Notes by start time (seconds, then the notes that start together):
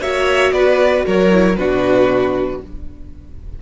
0.00 A#3 F#4 C#5 E5
0.52 B3 B4 D5
1.06 F#3 A#4 C#5
1.31 E4
1.56 B2 D4 F#4 B4